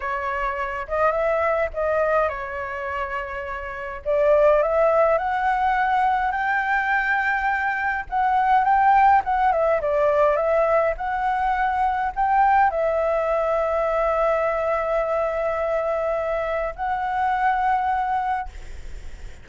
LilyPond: \new Staff \with { instrumentName = "flute" } { \time 4/4 \tempo 4 = 104 cis''4. dis''8 e''4 dis''4 | cis''2. d''4 | e''4 fis''2 g''4~ | g''2 fis''4 g''4 |
fis''8 e''8 d''4 e''4 fis''4~ | fis''4 g''4 e''2~ | e''1~ | e''4 fis''2. | }